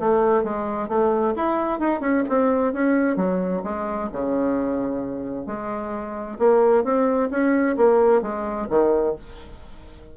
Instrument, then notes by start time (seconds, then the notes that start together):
bassoon
0.00 A3
0.44 G#3
0.89 A3
1.36 E4
1.80 D#4
2.01 C#4
2.29 C4
2.74 C#4
3.17 F#3
3.64 G#3
4.13 C#3
5.47 G#3
6.40 A#3
6.85 C4
7.31 C#4
7.77 A#3
8.23 G#3
8.70 D#3